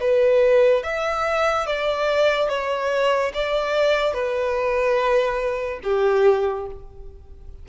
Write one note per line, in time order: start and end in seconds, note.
0.00 0.83 B4
0.83 1.66 E5
1.66 2.48 D5
2.48 3.31 C#5
3.33 4.13 D5
4.13 5.80 B4
5.83 6.66 G4